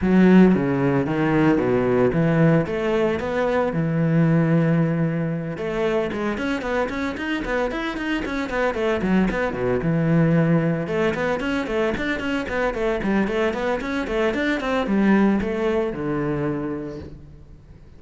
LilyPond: \new Staff \with { instrumentName = "cello" } { \time 4/4 \tempo 4 = 113 fis4 cis4 dis4 b,4 | e4 a4 b4 e4~ | e2~ e8 a4 gis8 | cis'8 b8 cis'8 dis'8 b8 e'8 dis'8 cis'8 |
b8 a8 fis8 b8 b,8 e4.~ | e8 a8 b8 cis'8 a8 d'8 cis'8 b8 | a8 g8 a8 b8 cis'8 a8 d'8 c'8 | g4 a4 d2 | }